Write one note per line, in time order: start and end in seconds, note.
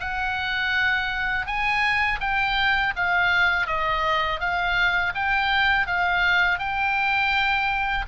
0.00 1.46 F#5
1.46 2.20 G#5
2.21 2.94 G5
2.96 3.67 F5
3.67 4.40 D#5
4.40 5.13 F5
5.15 5.87 G5
5.87 6.59 F5
6.59 8.05 G5